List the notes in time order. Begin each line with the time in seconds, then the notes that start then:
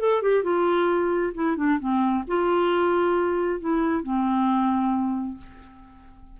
0.00 A4
0.22 G4
0.44 F4
1.34 E4
1.57 D4
1.80 C4
2.27 F4
3.60 E4
4.03 C4